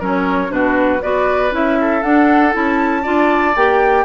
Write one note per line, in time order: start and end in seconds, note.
0.00 0.50 F#3
0.00 0.49 C#4
0.00 0.51 A#4
0.00 0.51 C#5
0.49 1.01 B2
0.49 0.99 D4
0.49 1.02 F#4
0.49 1.02 B4
1.02 1.51 B3
1.02 1.51 F#4
1.02 1.78 B4
1.02 1.53 D5
1.51 2.02 C#4
1.51 2.02 E4
1.51 2.03 E5
1.81 3.03 A4
2.03 2.54 D4
2.03 2.52 D4
2.03 2.54 F#5
2.52 3.06 C#4
2.52 3.03 E4
2.52 3.57 A5
3.03 3.56 D4
3.03 3.54 F4
3.03 4.04 D5
3.56 4.05 A#3
3.56 4.05 G4
3.56 4.05 G5